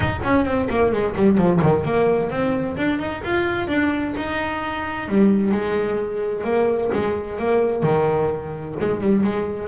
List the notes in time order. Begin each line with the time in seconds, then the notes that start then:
0.00 D#4
0.23 C#4
0.45 C4
0.70 A#3
0.92 G#3
1.16 G3
1.37 F3
1.61 D#3
1.85 A#3
2.30 C4
2.77 D4
2.99 D#4
3.23 F4
3.67 D4
4.16 D#4
5.08 G3
5.51 G#3
6.44 A#3
6.93 G#3
7.38 A#3
7.83 D#3
8.80 G#3
9.00 G3
9.23 G#3